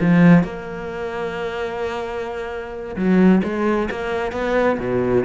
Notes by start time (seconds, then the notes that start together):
0.00 F3
0.43 A#3
2.96 F#3
3.43 G#3
3.91 A#3
4.32 B3
4.79 B2